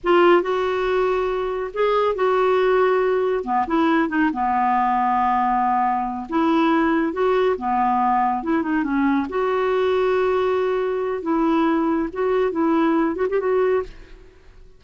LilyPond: \new Staff \with { instrumentName = "clarinet" } { \time 4/4 \tempo 4 = 139 f'4 fis'2. | gis'4 fis'2. | b8 e'4 dis'8 b2~ | b2~ b8 e'4.~ |
e'8 fis'4 b2 e'8 | dis'8 cis'4 fis'2~ fis'8~ | fis'2 e'2 | fis'4 e'4. fis'16 g'16 fis'4 | }